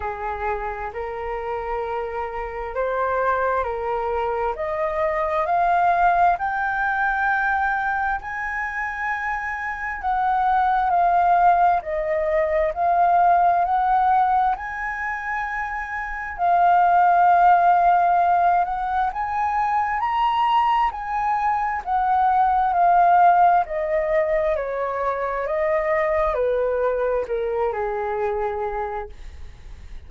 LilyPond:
\new Staff \with { instrumentName = "flute" } { \time 4/4 \tempo 4 = 66 gis'4 ais'2 c''4 | ais'4 dis''4 f''4 g''4~ | g''4 gis''2 fis''4 | f''4 dis''4 f''4 fis''4 |
gis''2 f''2~ | f''8 fis''8 gis''4 ais''4 gis''4 | fis''4 f''4 dis''4 cis''4 | dis''4 b'4 ais'8 gis'4. | }